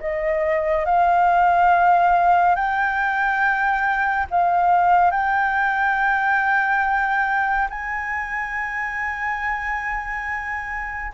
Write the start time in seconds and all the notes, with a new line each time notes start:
0.00 D#5
0.85 F5
2.55 G5
4.30 F5
5.11 G5
7.69 G#5